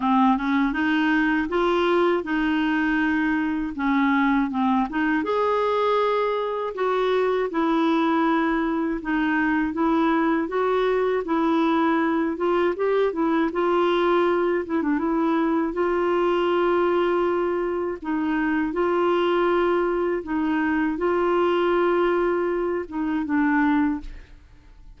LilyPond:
\new Staff \with { instrumentName = "clarinet" } { \time 4/4 \tempo 4 = 80 c'8 cis'8 dis'4 f'4 dis'4~ | dis'4 cis'4 c'8 dis'8 gis'4~ | gis'4 fis'4 e'2 | dis'4 e'4 fis'4 e'4~ |
e'8 f'8 g'8 e'8 f'4. e'16 d'16 | e'4 f'2. | dis'4 f'2 dis'4 | f'2~ f'8 dis'8 d'4 | }